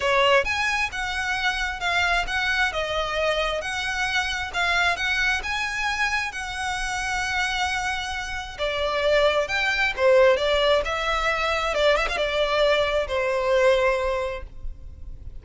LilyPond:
\new Staff \with { instrumentName = "violin" } { \time 4/4 \tempo 4 = 133 cis''4 gis''4 fis''2 | f''4 fis''4 dis''2 | fis''2 f''4 fis''4 | gis''2 fis''2~ |
fis''2. d''4~ | d''4 g''4 c''4 d''4 | e''2 d''8 e''16 f''16 d''4~ | d''4 c''2. | }